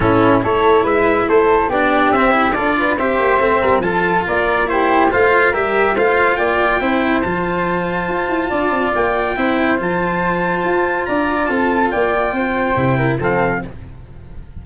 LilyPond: <<
  \new Staff \with { instrumentName = "trumpet" } { \time 4/4 \tempo 4 = 141 a'4 cis''4 e''4 c''4 | d''4 e''4 d''4 e''4~ | e''4 a''4 d''4 c''4 | f''4 e''4 f''4 g''4~ |
g''4 a''2.~ | a''4 g''2 a''4~ | a''2 ais''4 a''4 | g''2. f''4 | }
  \new Staff \with { instrumentName = "flute" } { \time 4/4 e'4 a'4 b'4 a'4 | g'2 a'8 b'8 c''4~ | c''8 ais'8 a'4 ais'4 g'4 | c''4 ais'4 c''4 d''4 |
c''1 | d''2 c''2~ | c''2 d''4 a'4 | d''4 c''4. ais'8 a'4 | }
  \new Staff \with { instrumentName = "cello" } { \time 4/4 cis'4 e'2. | d'4 c'8 e'8 f'4 g'4 | c'4 f'2 e'4 | f'4 g'4 f'2 |
e'4 f'2.~ | f'2 e'4 f'4~ | f'1~ | f'2 e'4 c'4 | }
  \new Staff \with { instrumentName = "tuba" } { \time 4/4 a,4 a4 gis4 a4 | b4 c'4 d'4 c'8 ais8 | a8 g8 f4 ais2 | a4 g4 a4 ais4 |
c'4 f2 f'8 e'8 | d'8 c'8 ais4 c'4 f4~ | f4 f'4 d'4 c'4 | ais4 c'4 c4 f4 | }
>>